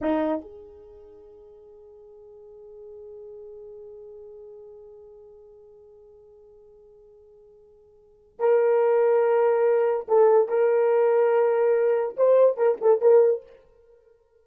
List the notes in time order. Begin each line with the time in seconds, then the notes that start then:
0.01 D#4
0.41 G#4
8.39 A#4
10.07 A4
10.48 A#4
12.16 C5
12.56 A#4
12.81 A4
13.01 A#4